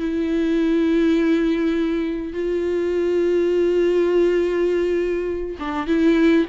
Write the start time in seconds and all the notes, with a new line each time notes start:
0.00 E4
2.34 F4
5.60 D4
5.87 E4